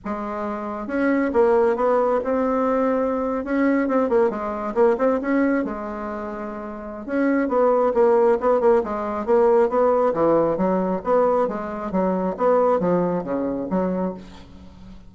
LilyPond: \new Staff \with { instrumentName = "bassoon" } { \time 4/4 \tempo 4 = 136 gis2 cis'4 ais4 | b4 c'2~ c'8. cis'16~ | cis'8. c'8 ais8 gis4 ais8 c'8 cis'16~ | cis'8. gis2.~ gis16 |
cis'4 b4 ais4 b8 ais8 | gis4 ais4 b4 e4 | fis4 b4 gis4 fis4 | b4 f4 cis4 fis4 | }